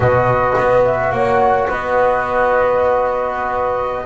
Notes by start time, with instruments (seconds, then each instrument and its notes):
0.00 double bass B2, trombone F#4, horn B4, flute D#5
0.58 double bass B3
0.84 flute E5
1.11 double bass A#3, horn C#5, flute F#5
1.68 double bass B3, horn B4, flute D#5